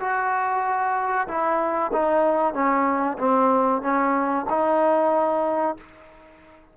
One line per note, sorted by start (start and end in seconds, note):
0.00 1.28 F#4
1.28 1.92 E4
1.93 2.54 D#4
2.54 3.18 C#4
3.19 3.82 C4
3.82 4.46 C#4
4.50 5.77 D#4